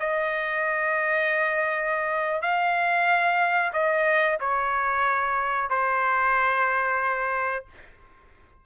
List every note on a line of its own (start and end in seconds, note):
0.00 2.42 D#5
2.42 3.73 F5
3.74 4.39 D#5
4.41 5.70 C#5
5.70 7.66 C5